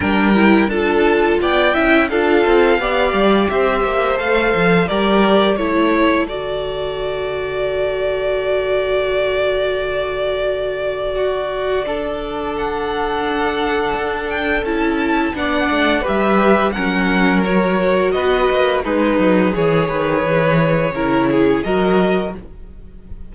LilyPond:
<<
  \new Staff \with { instrumentName = "violin" } { \time 4/4 \tempo 4 = 86 g''4 a''4 g''4 f''4~ | f''4 e''4 f''4 d''4 | cis''4 d''2.~ | d''1~ |
d''2 fis''2~ | fis''8 g''8 a''4 fis''4 e''4 | fis''4 cis''4 dis''4 b'4 | cis''2. dis''4 | }
  \new Staff \with { instrumentName = "violin" } { \time 4/4 ais'4 a'4 d''8 e''8 a'4 | d''4 c''2 ais'4 | a'1~ | a'1 |
fis'4 a'2.~ | a'2 d''4 b'4 | ais'2 b'4 dis'4 | gis'8 b'4. ais'8 gis'8 ais'4 | }
  \new Staff \with { instrumentName = "viola" } { \time 4/4 d'8 e'8 f'4. e'8 f'4 | g'2 a'4 g'4 | e'4 fis'2.~ | fis'1~ |
fis'4 d'2.~ | d'4 e'4 d'4 g'4 | cis'4 fis'2 gis'4~ | gis'2 e'4 fis'4 | }
  \new Staff \with { instrumentName = "cello" } { \time 4/4 g4 d'4 b8 cis'8 d'8 c'8 | b8 g8 c'8 ais8 a8 f8 g4 | a4 d2.~ | d1~ |
d1 | d'4 cis'4 b8 a8 g4 | fis2 b8 ais8 gis8 fis8 | e8 dis8 e4 cis4 fis4 | }
>>